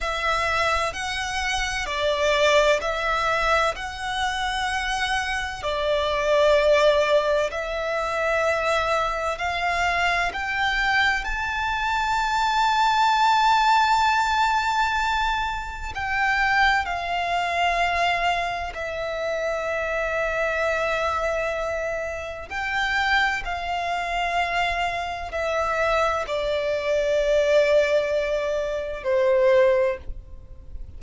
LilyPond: \new Staff \with { instrumentName = "violin" } { \time 4/4 \tempo 4 = 64 e''4 fis''4 d''4 e''4 | fis''2 d''2 | e''2 f''4 g''4 | a''1~ |
a''4 g''4 f''2 | e''1 | g''4 f''2 e''4 | d''2. c''4 | }